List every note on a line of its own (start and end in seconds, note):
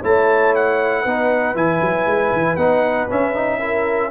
0.00 1.05 A3
0.00 1.05 E4
0.00 1.02 C#5
0.00 0.55 A5
0.55 1.56 F#5
1.02 1.55 B3
1.02 1.55 D#4
1.02 3.59 B4
1.55 1.80 E3
1.55 2.57 E4
1.55 2.56 G#5
1.81 2.06 F#3
2.06 2.32 G#3
2.33 2.56 E3
2.56 3.07 B3
2.56 3.09 D#4
2.56 3.07 F#5
3.09 3.34 C#4
3.09 4.10 C#4
3.09 4.10 E5
3.34 3.60 D#4
3.59 4.10 E4
3.59 4.10 A#4